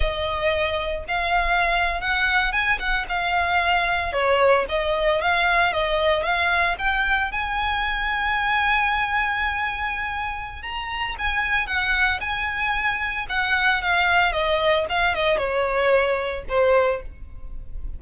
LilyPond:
\new Staff \with { instrumentName = "violin" } { \time 4/4 \tempo 4 = 113 dis''2 f''4.~ f''16 fis''16~ | fis''8. gis''8 fis''8 f''2 cis''16~ | cis''8. dis''4 f''4 dis''4 f''16~ | f''8. g''4 gis''2~ gis''16~ |
gis''1 | ais''4 gis''4 fis''4 gis''4~ | gis''4 fis''4 f''4 dis''4 | f''8 dis''8 cis''2 c''4 | }